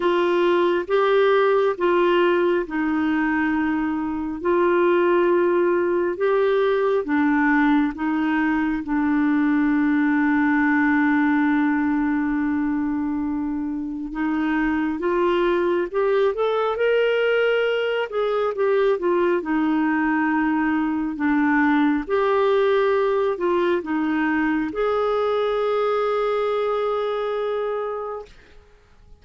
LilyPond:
\new Staff \with { instrumentName = "clarinet" } { \time 4/4 \tempo 4 = 68 f'4 g'4 f'4 dis'4~ | dis'4 f'2 g'4 | d'4 dis'4 d'2~ | d'1 |
dis'4 f'4 g'8 a'8 ais'4~ | ais'8 gis'8 g'8 f'8 dis'2 | d'4 g'4. f'8 dis'4 | gis'1 | }